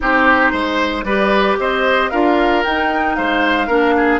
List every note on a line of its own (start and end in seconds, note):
0.00 0.53 C4
0.00 1.04 D#4
0.00 0.52 G4
0.00 1.04 C5
0.52 1.03 G#3
0.52 1.04 C5
1.03 1.56 G3
1.03 2.12 G4
1.03 1.58 B4
1.03 1.56 D5
1.58 2.11 C4
1.58 2.10 C5
1.58 2.10 D#5
2.10 2.64 D4
2.10 2.64 F4
2.10 3.16 A#4
2.10 2.62 F5
2.63 3.68 D#4
2.63 3.17 D#4
2.63 3.15 G5
3.15 3.68 G#3
3.15 3.67 C5
3.15 4.20 F5
3.67 4.20 A#3
3.67 4.20 D4
3.67 3.93 A#4
3.96 4.20 G#4